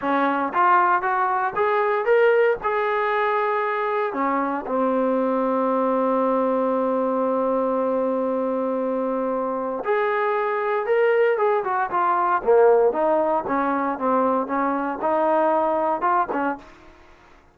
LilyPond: \new Staff \with { instrumentName = "trombone" } { \time 4/4 \tempo 4 = 116 cis'4 f'4 fis'4 gis'4 | ais'4 gis'2. | cis'4 c'2.~ | c'1~ |
c'2. gis'4~ | gis'4 ais'4 gis'8 fis'8 f'4 | ais4 dis'4 cis'4 c'4 | cis'4 dis'2 f'8 cis'8 | }